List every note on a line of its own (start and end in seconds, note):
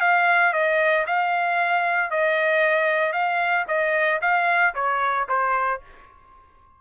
0.00 0.53 F5
0.53 1.05 D#5
1.06 2.10 F5
2.10 3.12 D#5
3.12 3.65 F5
3.67 4.20 D#5
4.21 4.74 F5
4.74 5.27 C#5
5.28 5.81 C5